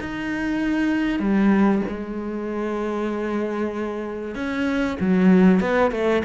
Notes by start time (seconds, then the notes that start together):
0.00 D#4
1.19 G3
1.88 G#3
4.35 C#4
5.00 F#3
5.60 B3
5.91 A3